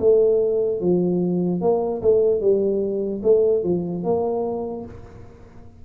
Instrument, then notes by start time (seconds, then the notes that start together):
tuba
0.00 A3
0.81 F3
1.61 A#3
2.02 A3
2.41 G3
3.24 A3
3.64 F3
4.04 A#3